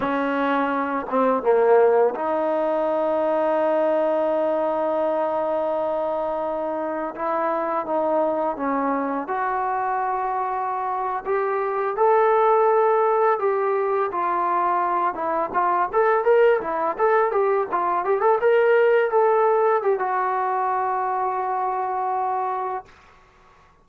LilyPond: \new Staff \with { instrumentName = "trombone" } { \time 4/4 \tempo 4 = 84 cis'4. c'8 ais4 dis'4~ | dis'1~ | dis'2 e'4 dis'4 | cis'4 fis'2~ fis'8. g'16~ |
g'8. a'2 g'4 f'16~ | f'4~ f'16 e'8 f'8 a'8 ais'8 e'8 a'16~ | a'16 g'8 f'8 g'16 a'16 ais'4 a'4 g'16 | fis'1 | }